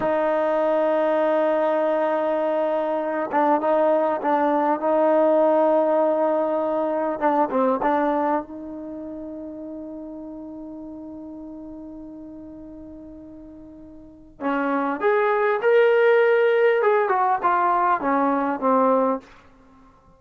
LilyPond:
\new Staff \with { instrumentName = "trombone" } { \time 4/4 \tempo 4 = 100 dis'1~ | dis'4. d'8 dis'4 d'4 | dis'1 | d'8 c'8 d'4 dis'2~ |
dis'1~ | dis'1 | cis'4 gis'4 ais'2 | gis'8 fis'8 f'4 cis'4 c'4 | }